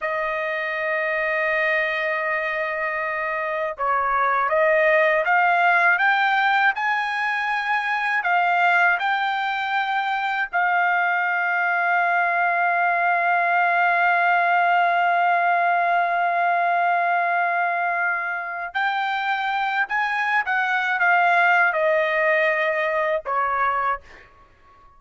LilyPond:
\new Staff \with { instrumentName = "trumpet" } { \time 4/4 \tempo 4 = 80 dis''1~ | dis''4 cis''4 dis''4 f''4 | g''4 gis''2 f''4 | g''2 f''2~ |
f''1~ | f''1~ | f''4 g''4. gis''8. fis''8. | f''4 dis''2 cis''4 | }